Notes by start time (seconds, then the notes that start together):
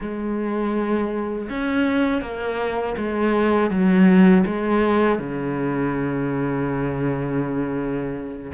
0.00 G#3
1.49 C#4
2.21 A#3
2.97 G#3
3.70 F#3
4.45 G#3
5.19 C#3